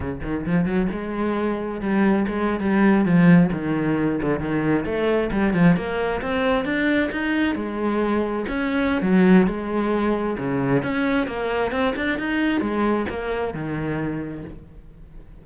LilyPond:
\new Staff \with { instrumentName = "cello" } { \time 4/4 \tempo 4 = 133 cis8 dis8 f8 fis8 gis2 | g4 gis8. g4 f4 dis16~ | dis4~ dis16 d8 dis4 a4 g16~ | g16 f8 ais4 c'4 d'4 dis'16~ |
dis'8. gis2 cis'4~ cis'16 | fis4 gis2 cis4 | cis'4 ais4 c'8 d'8 dis'4 | gis4 ais4 dis2 | }